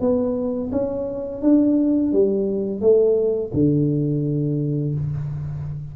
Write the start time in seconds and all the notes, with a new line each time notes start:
0.00 B3
0.72 C#4
1.42 D4
2.12 G3
2.81 A3
3.53 D3